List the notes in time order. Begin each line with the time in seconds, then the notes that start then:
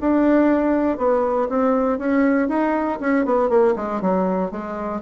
0.00 D4
0.97 B3
1.49 C4
1.98 C#4
2.48 D#4
3.00 C#4
3.25 B3
3.49 A#3
3.76 G#3
4.01 F#3
4.51 G#3